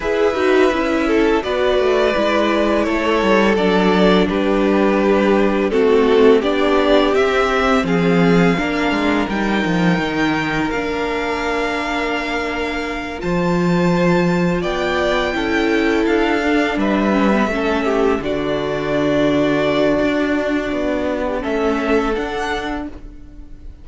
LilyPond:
<<
  \new Staff \with { instrumentName = "violin" } { \time 4/4 \tempo 4 = 84 e''2 d''2 | cis''4 d''4 b'2 | a'4 d''4 e''4 f''4~ | f''4 g''2 f''4~ |
f''2~ f''8 a''4.~ | a''8 g''2 f''4 e''8~ | e''4. d''2~ d''8~ | d''2 e''4 fis''4 | }
  \new Staff \with { instrumentName = "violin" } { \time 4/4 b'4. a'8 b'2 | a'2 g'2 | fis'4 g'2 gis'4 | ais'1~ |
ais'2~ ais'8 c''4.~ | c''8 d''4 a'2 b'8~ | b'8 a'8 g'8 fis'2~ fis'8~ | fis'4.~ fis'16 g'16 a'2 | }
  \new Staff \with { instrumentName = "viola" } { \time 4/4 gis'8 fis'8 e'4 fis'4 e'4~ | e'4 d'2. | c'4 d'4 c'2 | d'4 dis'2 d'4~ |
d'2~ d'8 f'4.~ | f'4. e'4. d'4 | cis'16 b16 cis'4 d'2~ d'8~ | d'2 cis'4 d'4 | }
  \new Staff \with { instrumentName = "cello" } { \time 4/4 e'8 dis'8 cis'4 b8 a8 gis4 | a8 g8 fis4 g2 | a4 b4 c'4 f4 | ais8 gis8 g8 f8 dis4 ais4~ |
ais2~ ais8 f4.~ | f8 b4 cis'4 d'4 g8~ | g8 a4 d2~ d8 | d'4 b4 a4 d'4 | }
>>